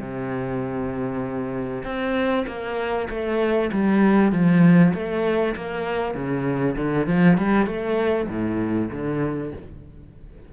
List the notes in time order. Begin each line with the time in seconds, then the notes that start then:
0.00 C3
1.85 C4
2.47 A#3
3.10 A3
3.72 G3
4.32 F3
4.94 A3
5.56 A#3
6.15 C#3
6.77 D3
7.07 F3
7.38 G3
7.66 A3
8.29 A2
8.92 D3